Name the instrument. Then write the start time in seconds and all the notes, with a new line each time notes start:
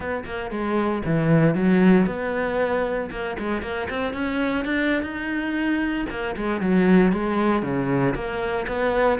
cello
0.00 B3
0.25 A#3
0.50 G#3
1.05 E3
1.54 F#3
2.06 B3
3.10 A#3
3.38 G#3
3.62 A#3
3.89 C4
4.13 C#4
4.65 D4
5.02 D#4
6.09 A#3
6.36 G#3
6.61 F#3
7.12 G#3
7.62 C#3
8.14 A#3
8.67 B3